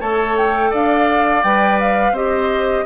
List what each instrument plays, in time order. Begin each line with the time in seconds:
0.00 bassoon A3, clarinet A4, oboe C#5, flute A5
0.37 flute G5
0.70 bassoon D4, oboe D5, flute F5
1.43 bassoon G3, clarinet B4, flute G5
1.80 flute F5
2.12 bassoon C4, clarinet G4, oboe C5, flute D#5